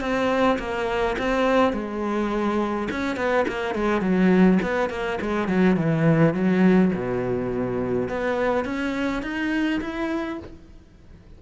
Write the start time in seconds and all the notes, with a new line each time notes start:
0.00 C4
0.58 A#3
1.18 C4
1.73 G#3
2.91 C#4
3.16 B3
3.47 A#3
3.74 G#3
4.01 F#3
4.62 B3
4.89 A#3
5.21 G#3
5.48 F#3
5.76 E3
6.34 F#3
6.94 B2
8.09 B3
8.64 C#4
9.22 D#4
9.81 E4